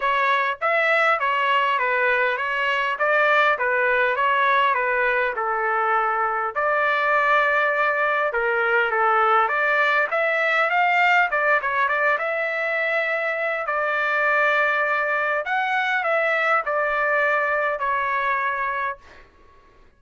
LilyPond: \new Staff \with { instrumentName = "trumpet" } { \time 4/4 \tempo 4 = 101 cis''4 e''4 cis''4 b'4 | cis''4 d''4 b'4 cis''4 | b'4 a'2 d''4~ | d''2 ais'4 a'4 |
d''4 e''4 f''4 d''8 cis''8 | d''8 e''2~ e''8 d''4~ | d''2 fis''4 e''4 | d''2 cis''2 | }